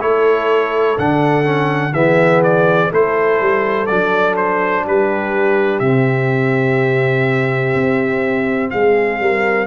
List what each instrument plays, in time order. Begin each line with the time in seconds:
0.00 tuba A3, trombone E4, horn A4, trumpet C#5
0.98 tuba D3, trombone D4, trumpet F#5
1.45 trombone C#4
1.93 tuba E3, trombone B3, horn G#4, trumpet E5
2.43 trumpet D5
2.90 tuba A3, trombone E4, horn A4, trumpet C5
3.40 tuba G3
3.86 tuba F#3, trombone D4, trumpet D5
4.36 trumpet C5
4.84 tuba G3, horn G4, trumpet B4
5.79 tuba C3, trombone C4, trumpet E5
7.74 tuba C4
8.70 tuba G#3, horn G#4, trumpet F5
9.20 tuba G3, horn A#4